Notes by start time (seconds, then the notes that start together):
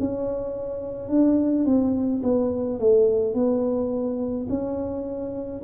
0.00 C#4
1.09 D4
1.65 C4
2.23 B3
2.79 A3
3.34 B3
4.50 C#4